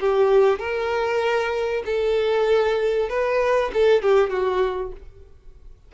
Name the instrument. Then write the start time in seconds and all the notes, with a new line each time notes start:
violin
0.00 G4
0.59 A#4
1.86 A4
3.09 B4
3.74 A4
4.03 G4
4.30 F#4